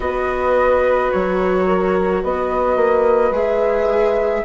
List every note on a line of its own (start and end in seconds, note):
0.00 1.10 B3
0.00 3.32 F#4
0.00 1.67 B4
0.00 1.11 D#5
1.11 2.23 F#3
1.11 2.22 C#5
1.67 2.22 A#4
2.23 2.76 B3
2.23 4.44 B4
2.23 3.34 D#5
2.76 3.30 A#3
3.30 4.41 G#3
3.30 4.44 G#4
3.30 4.44 E5